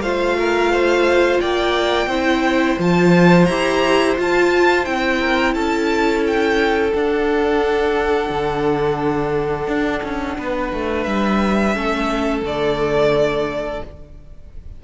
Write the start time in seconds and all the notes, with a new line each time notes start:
0.00 A3 F4 C5 F5
0.39 A#4
0.72 C5
1.40 A#3 D5 G5
2.06 C4 E4 C5
2.78 F3 F4 A5
3.45 E4 G4 A#5
4.16 F4 A5
4.85 C4 E4 G5
5.20 A#4
5.54 C#4 A4 A5
6.27 G5
6.93 D4 F#5
8.30 D3
9.67 D4
10.03 C#4
10.38 B3 B4
10.73 A3
11.03 G3 E5
11.74 A3 C#4 A4
12.42 D3 A3 D5